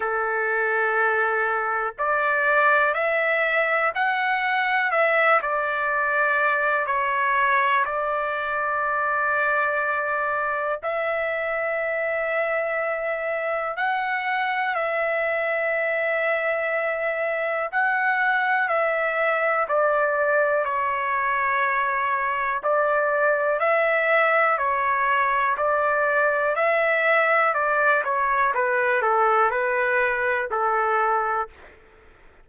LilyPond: \new Staff \with { instrumentName = "trumpet" } { \time 4/4 \tempo 4 = 61 a'2 d''4 e''4 | fis''4 e''8 d''4. cis''4 | d''2. e''4~ | e''2 fis''4 e''4~ |
e''2 fis''4 e''4 | d''4 cis''2 d''4 | e''4 cis''4 d''4 e''4 | d''8 cis''8 b'8 a'8 b'4 a'4 | }